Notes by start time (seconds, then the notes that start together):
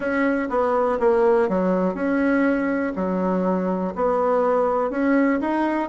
0.00 C#4
0.49 B3
0.99 A#3
1.48 F#3
1.94 C#4
2.95 F#3
3.95 B3
4.90 C#4
5.41 D#4